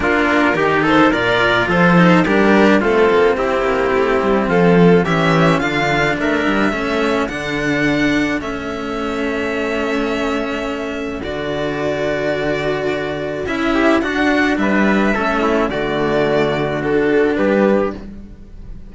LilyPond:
<<
  \new Staff \with { instrumentName = "violin" } { \time 4/4 \tempo 4 = 107 ais'4. c''8 d''4 c''4 | ais'4 a'4 g'2 | a'4 e''4 f''4 e''4~ | e''4 fis''2 e''4~ |
e''1 | d''1 | e''4 fis''4 e''2 | d''2 a'4 b'4 | }
  \new Staff \with { instrumentName = "trumpet" } { \time 4/4 f'4 g'8 a'8 ais'4 a'4 | g'4 f'4 e'2 | f'4 g'4 f'4 ais'4 | a'1~ |
a'1~ | a'1~ | a'8 g'8 fis'4 b'4 a'8 e'8 | fis'2. g'4 | }
  \new Staff \with { instrumentName = "cello" } { \time 4/4 d'4 dis'4 f'4. dis'8 | d'4 c'2.~ | c'4 cis'4 d'2 | cis'4 d'2 cis'4~ |
cis'1 | fis'1 | e'4 d'2 cis'4 | a2 d'2 | }
  \new Staff \with { instrumentName = "cello" } { \time 4/4 ais4 dis4 ais,4 f4 | g4 a8 ais8 c'8 ais8 a8 g8 | f4 e4 d4 a8 g8 | a4 d2 a4~ |
a1 | d1 | cis'4 d'4 g4 a4 | d2. g4 | }
>>